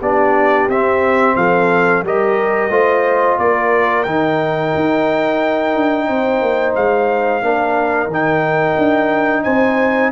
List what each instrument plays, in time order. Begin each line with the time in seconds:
0.00 tuba B3, trombone D4, horn G4, trumpet D5
0.68 tuba C4, trombone C4, trumpet E5
1.36 tuba F3, horn A4, trumpet F5
2.03 tuba G3, trombone G4, horn A#4, trumpet D#5
2.69 tuba A3, trombone F4, horn C5
3.38 tuba A#3, horn A#4, trumpet D5
4.03 tuba D#3, trombone D#4, trumpet G5
4.75 tuba D#4
5.74 tuba D4
6.07 tuba C4, horn C5
6.41 tuba A#3
6.75 tuba G#3, trumpet F5
7.42 tuba A#3, trombone D4, horn A#4
8.06 tuba D#3, trombone D#4
8.13 trumpet G5
8.78 tuba D4
9.43 tuba C4, horn C5, trumpet G#5